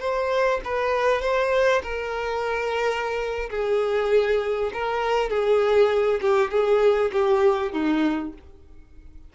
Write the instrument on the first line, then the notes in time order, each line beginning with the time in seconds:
violin
0.00 C5
0.64 B4
1.21 C5
1.83 A#4
3.50 G#4
4.73 A#4
5.30 G#4
6.21 G4
6.51 G#4
7.12 G4
7.73 D#4